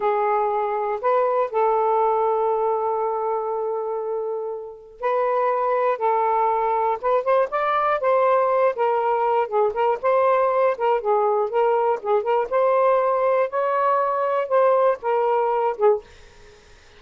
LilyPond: \new Staff \with { instrumentName = "saxophone" } { \time 4/4 \tempo 4 = 120 gis'2 b'4 a'4~ | a'1~ | a'2 b'2 | a'2 b'8 c''8 d''4 |
c''4. ais'4. gis'8 ais'8 | c''4. ais'8 gis'4 ais'4 | gis'8 ais'8 c''2 cis''4~ | cis''4 c''4 ais'4. gis'8 | }